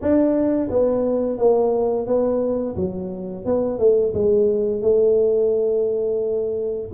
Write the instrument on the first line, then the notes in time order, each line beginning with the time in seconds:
tuba
0.01 D4
0.69 B3
1.38 A#3
2.06 B3
2.76 F#3
3.45 B3
3.78 A3
4.13 G#3
4.81 A3